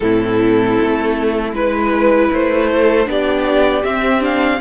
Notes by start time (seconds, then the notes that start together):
0.00 A2 C4 E4 A4
0.81 A3
1.52 G#3 E4 B4
2.32 A3 C5
2.70 A4
3.05 B3 D4 G4 D5
3.84 C4 E5
4.20 D4 F5